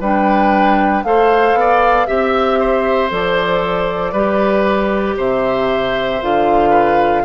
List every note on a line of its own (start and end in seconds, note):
0.00 1.04 G3
0.00 1.05 D4
0.00 1.03 B4
0.00 1.04 G5
1.04 1.54 A3
1.04 2.07 A4
1.04 1.59 C5
1.04 2.06 F5
1.54 2.06 B3
1.54 2.08 D5
2.06 3.11 C4
2.06 3.10 G4
2.06 3.10 E5
2.06 2.59 E5
2.59 4.12 C5
3.10 4.13 F3
3.10 4.13 A4
3.10 5.18 D5
4.12 5.16 G3
4.12 6.22 G4
4.12 5.16 B4
5.17 6.21 C3
5.17 6.70 C5
5.17 6.22 E5
6.22 7.25 D3
6.22 7.25 F4
6.22 7.25 F5
6.70 7.22 B4